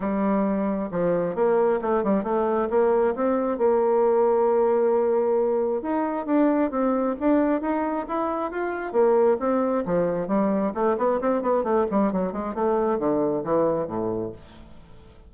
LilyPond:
\new Staff \with { instrumentName = "bassoon" } { \time 4/4 \tempo 4 = 134 g2 f4 ais4 | a8 g8 a4 ais4 c'4 | ais1~ | ais4 dis'4 d'4 c'4 |
d'4 dis'4 e'4 f'4 | ais4 c'4 f4 g4 | a8 b8 c'8 b8 a8 g8 fis8 gis8 | a4 d4 e4 a,4 | }